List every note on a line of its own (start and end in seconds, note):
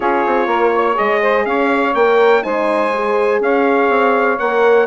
0.00 0.25 C#4
0.00 0.94 F4
0.00 0.46 G#4
0.00 0.97 C#5
0.25 0.46 C4
0.46 0.95 A#3
0.46 0.71 A#4
0.74 1.21 C#5
0.94 1.45 G#3
0.94 1.92 G#4
0.94 1.45 D#5
1.21 1.45 C5
1.45 1.94 C#4
1.45 2.44 C#5
1.45 1.94 F5
1.94 2.43 A#3
1.94 2.42 A#4
1.94 2.43 G5
2.42 3.40 G#3
2.42 2.91 D#4
2.42 3.41 C5
2.42 3.41 G#5
2.94 4.39 G#4
3.40 3.89 C#4
3.40 4.86 C#5
3.40 4.38 F5
3.89 4.37 C4
4.38 4.86 A#3
4.38 4.86 A#4
4.38 4.86 F#5